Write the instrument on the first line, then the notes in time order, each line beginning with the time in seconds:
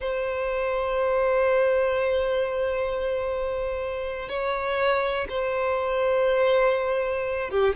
violin
0.00 C5
4.29 C#5
5.29 C5
7.50 G4